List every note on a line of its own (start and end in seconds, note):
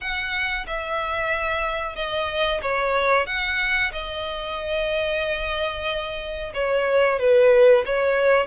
0.00 0.66 F#5
0.66 1.95 E5
1.95 2.60 D#5
2.61 3.26 C#5
3.26 3.91 F#5
3.92 6.52 D#5
6.54 7.19 C#5
7.19 7.84 B4
7.85 8.46 C#5